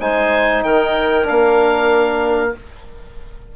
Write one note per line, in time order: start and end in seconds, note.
0.00 0.63 G#3
0.00 1.23 D#4
0.00 0.64 C5
0.00 0.64 G#5
0.64 1.27 D#3
0.64 2.54 A#4
0.64 1.27 G5
1.23 2.50 D4
1.23 2.54 F5
1.29 2.56 A#3